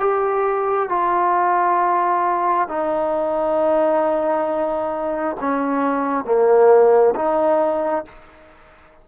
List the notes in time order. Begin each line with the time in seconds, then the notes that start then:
0.00 G4
0.89 F4
2.68 D#4
5.41 C#4
6.25 A#3
7.15 D#4